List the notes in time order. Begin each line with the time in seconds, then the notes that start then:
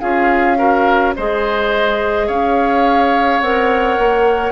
0.00 C#4 F4 G#4 F5
0.57 F#4 A#4
1.16 G#3 G#4 C5 D#5
2.27 C#4 C#5 F5
3.40 C4 A#4 F#5
3.99 A#3